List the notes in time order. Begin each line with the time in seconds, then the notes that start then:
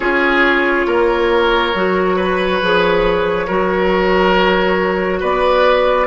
0.00 C#4 F4 G#4 C#5
0.86 A#3 A#4
1.74 F#3 F#4
2.16 B4
2.61 F3 G#4
3.47 F#3 F#4 A#4
5.20 B3 B4 D5